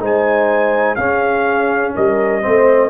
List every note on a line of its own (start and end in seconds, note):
0.00 0.98 G#3
0.00 0.97 D#4
0.00 0.98 C5
0.00 0.96 G#5
0.96 2.42 C#4
0.96 1.95 C#4
0.96 1.95 G#4
0.96 1.92 F5
1.95 2.45 G3
1.95 2.42 A#4
1.95 2.90 D#5
2.42 2.90 A3
2.42 2.90 C4
2.42 2.90 C5